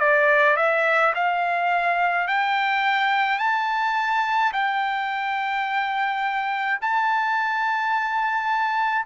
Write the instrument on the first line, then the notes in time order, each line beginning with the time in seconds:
trumpet
0.00 D5
0.57 E5
1.15 F5
2.28 G5
3.39 A5
4.53 G5
6.82 A5